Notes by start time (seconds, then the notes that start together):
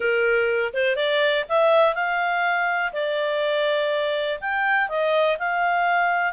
0.00 A#4
0.73 C5
0.96 D5
1.48 E5
1.94 F5
2.92 D5
4.40 G5
4.88 D#5
5.38 F5